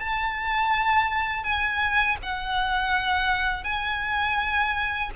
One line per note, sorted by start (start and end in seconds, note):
0.00 1.43 A5
1.43 2.16 G#5
2.23 3.64 F#5
3.64 5.10 G#5